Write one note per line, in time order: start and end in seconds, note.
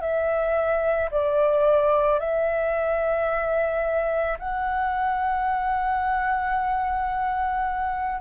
0.00 1.09 E5
1.11 2.19 D5
2.19 4.37 E5
4.39 8.21 F#5